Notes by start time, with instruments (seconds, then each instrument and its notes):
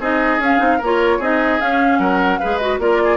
0.00 bassoon C4, clarinet D#4, oboe G#4, flute D#5
0.39 bassoon C#4, clarinet C#4, flute F5
0.59 bassoon C4, clarinet D#4
0.78 bassoon A#3, oboe A#4
0.85 clarinet F4, flute C#5
1.19 bassoon C4, clarinet D#4, oboe G#4, flute D#5
1.60 clarinet C#4, bassoon C#4, flute F5
1.99 bassoon F#3, oboe A#4, flute F#5
2.39 bassoon G#3, clarinet G#4, oboe B4, flute F5
2.58 clarinet F#4, flute D#5
2.79 bassoon A#3, clarinet F4, oboe A#4, flute D5
3.05 oboe G#4